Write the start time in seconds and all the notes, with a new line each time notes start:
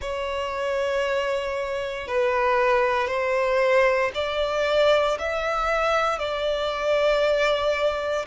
0.00 C#5
2.07 B4
3.08 C5
4.14 D5
5.19 E5
6.18 D5